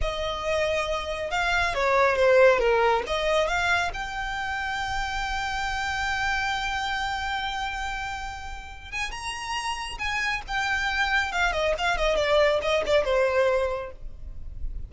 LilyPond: \new Staff \with { instrumentName = "violin" } { \time 4/4 \tempo 4 = 138 dis''2. f''4 | cis''4 c''4 ais'4 dis''4 | f''4 g''2.~ | g''1~ |
g''1~ | g''8 gis''8 ais''2 gis''4 | g''2 f''8 dis''8 f''8 dis''8 | d''4 dis''8 d''8 c''2 | }